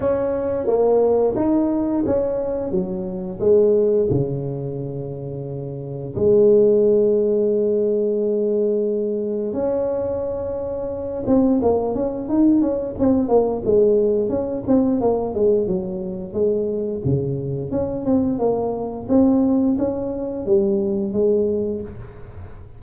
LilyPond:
\new Staff \with { instrumentName = "tuba" } { \time 4/4 \tempo 4 = 88 cis'4 ais4 dis'4 cis'4 | fis4 gis4 cis2~ | cis4 gis2.~ | gis2 cis'2~ |
cis'8 c'8 ais8 cis'8 dis'8 cis'8 c'8 ais8 | gis4 cis'8 c'8 ais8 gis8 fis4 | gis4 cis4 cis'8 c'8 ais4 | c'4 cis'4 g4 gis4 | }